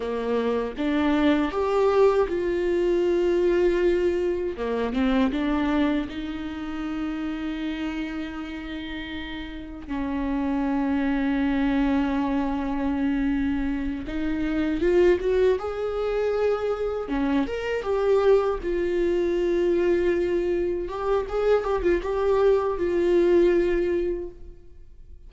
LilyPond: \new Staff \with { instrumentName = "viola" } { \time 4/4 \tempo 4 = 79 ais4 d'4 g'4 f'4~ | f'2 ais8 c'8 d'4 | dis'1~ | dis'4 cis'2.~ |
cis'2~ cis'8 dis'4 f'8 | fis'8 gis'2 cis'8 ais'8 g'8~ | g'8 f'2. g'8 | gis'8 g'16 f'16 g'4 f'2 | }